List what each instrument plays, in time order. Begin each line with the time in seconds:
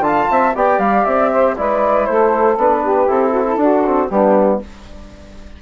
0.00 bassoon D3, trombone F4, saxophone F5, flute A5
0.31 bassoon C4, saxophone E5
0.55 bassoon B3, trombone G4, saxophone D5, flute G5
0.78 bassoon G3, flute F5
1.05 bassoon C4, flute E5
1.31 saxophone C5
1.56 bassoon G#3, trombone E4, saxophone B4, flute D5
2.06 bassoon A3, saxophone A4, flute C5
2.57 bassoon B3, trombone D4, flute B4
2.82 saxophone G4
3.07 bassoon C4, trombone E4, flute A4
3.31 saxophone F#4
3.46 saxophone E4
3.57 trombone D4, bassoon D4, saxophone F#4
3.86 trombone C4
4.08 bassoon G3, trombone B3, saxophone D4, flute G4